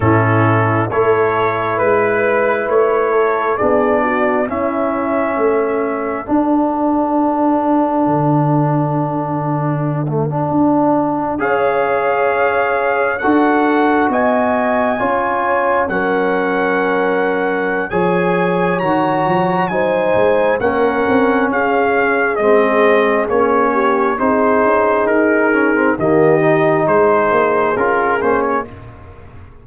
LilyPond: <<
  \new Staff \with { instrumentName = "trumpet" } { \time 4/4 \tempo 4 = 67 a'4 cis''4 b'4 cis''4 | d''4 e''2 fis''4~ | fis''1~ | fis''8. f''2 fis''4 gis''16~ |
gis''4.~ gis''16 fis''2~ fis''16 | gis''4 ais''4 gis''4 fis''4 | f''4 dis''4 cis''4 c''4 | ais'4 dis''4 c''4 ais'8 c''16 cis''16 | }
  \new Staff \with { instrumentName = "horn" } { \time 4/4 e'4 a'4 b'4. a'8 | gis'8 fis'8 e'4 a'2~ | a'1~ | a'8. cis''2 a'4 dis''16~ |
dis''8. cis''4 ais'2~ ais'16 | cis''2 c''4 ais'4 | gis'2~ gis'8 g'8 gis'4~ | gis'4 g'4 gis'2 | }
  \new Staff \with { instrumentName = "trombone" } { \time 4/4 cis'4 e'2. | d'4 cis'2 d'4~ | d'2.~ d'16 a16 d'8~ | d'8. gis'2 fis'4~ fis'16~ |
fis'8. f'4 cis'2~ cis'16 | gis'4 fis'4 dis'4 cis'4~ | cis'4 c'4 cis'4 dis'4~ | dis'8 cis'16 c'16 ais8 dis'4. f'8 cis'8 | }
  \new Staff \with { instrumentName = "tuba" } { \time 4/4 a,4 a4 gis4 a4 | b4 cis'4 a4 d'4~ | d'4 d2~ d8. d'16~ | d'8. cis'2 d'4 b16~ |
b8. cis'4 fis2~ fis16 | f4 dis8 f8 fis8 gis8 ais8 c'8 | cis'4 gis4 ais4 c'8 cis'8 | dis'4 dis4 gis8 ais8 cis'8 ais8 | }
>>